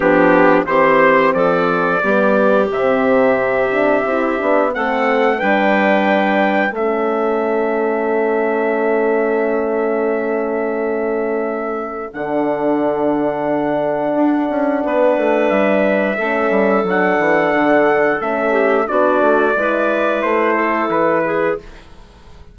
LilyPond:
<<
  \new Staff \with { instrumentName = "trumpet" } { \time 4/4 \tempo 4 = 89 g'4 c''4 d''2 | e''2. fis''4 | g''2 e''2~ | e''1~ |
e''2 fis''2~ | fis''2. e''4~ | e''4 fis''2 e''4 | d''2 c''4 b'4 | }
  \new Staff \with { instrumentName = "clarinet" } { \time 4/4 d'4 g'4 a'4 g'4~ | g'2. a'4 | b'2 a'2~ | a'1~ |
a'1~ | a'2 b'2 | a'2.~ a'8 g'8 | fis'4 b'4. a'4 gis'8 | }
  \new Staff \with { instrumentName = "horn" } { \time 4/4 b4 c'2 b4 | c'4. d'8 e'8 d'8 c'4 | d'2 cis'2~ | cis'1~ |
cis'2 d'2~ | d'1 | cis'4 d'2 cis'4 | d'4 e'2. | }
  \new Staff \with { instrumentName = "bassoon" } { \time 4/4 f4 e4 f4 g4 | c2 c'8 b8 a4 | g2 a2~ | a1~ |
a2 d2~ | d4 d'8 cis'8 b8 a8 g4 | a8 g8 fis8 e8 d4 a4 | b8 a8 gis4 a4 e4 | }
>>